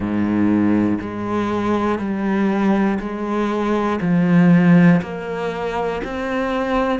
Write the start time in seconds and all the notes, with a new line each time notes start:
0.00 G#2
1.00 G#3
1.99 G3
3.00 G#3
4.01 F3
5.01 A#3
6.04 C4